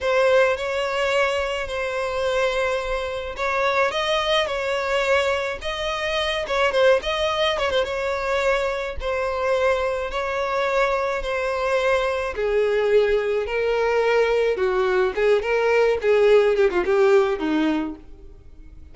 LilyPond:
\new Staff \with { instrumentName = "violin" } { \time 4/4 \tempo 4 = 107 c''4 cis''2 c''4~ | c''2 cis''4 dis''4 | cis''2 dis''4. cis''8 | c''8 dis''4 cis''16 c''16 cis''2 |
c''2 cis''2 | c''2 gis'2 | ais'2 fis'4 gis'8 ais'8~ | ais'8 gis'4 g'16 f'16 g'4 dis'4 | }